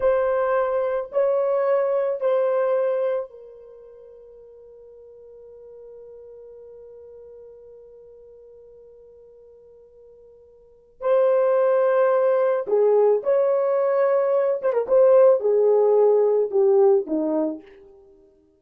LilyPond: \new Staff \with { instrumentName = "horn" } { \time 4/4 \tempo 4 = 109 c''2 cis''2 | c''2 ais'2~ | ais'1~ | ais'1~ |
ais'1 | c''2. gis'4 | cis''2~ cis''8 c''16 ais'16 c''4 | gis'2 g'4 dis'4 | }